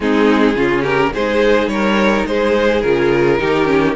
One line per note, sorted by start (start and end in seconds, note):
0.00 0.55 G#3
0.00 0.55 C4
0.00 0.56 D#4
0.00 0.84 G#4
0.55 1.12 C#3
0.55 1.12 C#4
0.55 0.81 F4
0.81 1.10 G4
0.81 1.12 A#4
1.14 1.67 G#3
1.14 2.84 D#4
1.14 1.70 G#4
1.14 1.68 C5
1.67 2.23 G3
1.67 2.28 A#4
1.67 2.25 C#5
2.26 2.83 G#3
2.26 3.40 G#4
2.26 2.81 C5
2.81 3.39 C#3
2.81 3.38 F4
2.81 3.94 A#4
3.38 3.96 D#3
3.38 3.65 D#4
3.38 3.96 G4
3.65 3.93 C#4